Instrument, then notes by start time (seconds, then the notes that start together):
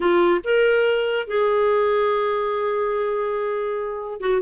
clarinet
0.00 F4
0.43 A#4
1.27 G#4
4.20 F#4